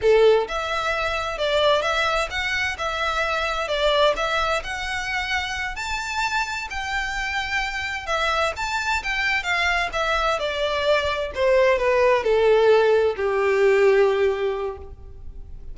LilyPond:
\new Staff \with { instrumentName = "violin" } { \time 4/4 \tempo 4 = 130 a'4 e''2 d''4 | e''4 fis''4 e''2 | d''4 e''4 fis''2~ | fis''8 a''2 g''4.~ |
g''4. e''4 a''4 g''8~ | g''8 f''4 e''4 d''4.~ | d''8 c''4 b'4 a'4.~ | a'8 g'2.~ g'8 | }